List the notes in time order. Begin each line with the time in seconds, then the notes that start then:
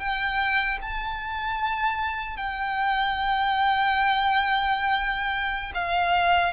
0.00 G5
0.82 A5
2.37 G5
5.75 F5